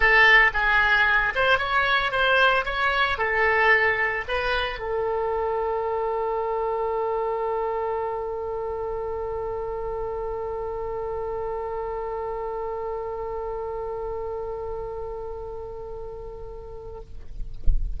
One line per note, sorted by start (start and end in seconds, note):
0.00 0.51 A4
0.53 1.33 G#4
1.35 1.58 C5
1.58 2.11 C#5
2.11 2.65 C5
2.65 3.18 C#5
3.18 4.24 A4
4.27 4.79 B4
4.79 17.00 A4